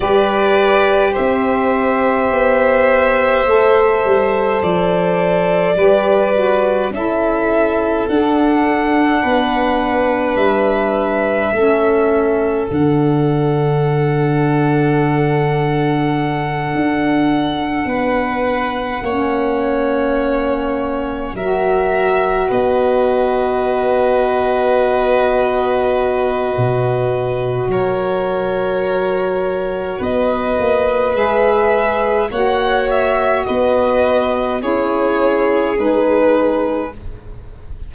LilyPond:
<<
  \new Staff \with { instrumentName = "violin" } { \time 4/4 \tempo 4 = 52 d''4 e''2. | d''2 e''4 fis''4~ | fis''4 e''2 fis''4~ | fis''1~ |
fis''2~ fis''8 e''4 dis''8~ | dis''1 | cis''2 dis''4 e''4 | fis''8 e''8 dis''4 cis''4 b'4 | }
  \new Staff \with { instrumentName = "violin" } { \time 4/4 b'4 c''2.~ | c''4 b'4 a'2 | b'2 a'2~ | a'2.~ a'8 b'8~ |
b'8 cis''2 ais'4 b'8~ | b'1 | ais'2 b'2 | cis''4 b'4 gis'2 | }
  \new Staff \with { instrumentName = "saxophone" } { \time 4/4 g'2. a'4~ | a'4 g'8 fis'8 e'4 d'4~ | d'2 cis'4 d'4~ | d'1~ |
d'8 cis'2 fis'4.~ | fis'1~ | fis'2. gis'4 | fis'2 e'4 dis'4 | }
  \new Staff \with { instrumentName = "tuba" } { \time 4/4 g4 c'4 b4 a8 g8 | f4 g4 cis'4 d'4 | b4 g4 a4 d4~ | d2~ d8 d'4 b8~ |
b8 ais2 fis4 b8~ | b2. b,4 | fis2 b8 ais8 gis4 | ais4 b4 cis'4 gis4 | }
>>